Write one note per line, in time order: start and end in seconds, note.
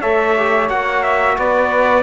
0.00 0.70 A3
0.00 0.37 A4
0.00 1.35 C#5
0.00 0.69 E5
0.37 0.70 G4
0.70 1.37 A#3
0.70 2.04 F#4
0.70 1.03 F#5
1.03 1.37 E5
1.38 2.04 B3
1.38 2.04 B4
1.38 2.04 D5